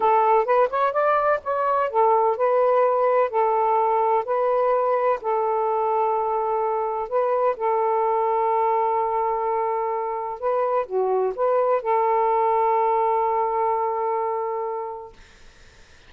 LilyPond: \new Staff \with { instrumentName = "saxophone" } { \time 4/4 \tempo 4 = 127 a'4 b'8 cis''8 d''4 cis''4 | a'4 b'2 a'4~ | a'4 b'2 a'4~ | a'2. b'4 |
a'1~ | a'2 b'4 fis'4 | b'4 a'2.~ | a'1 | }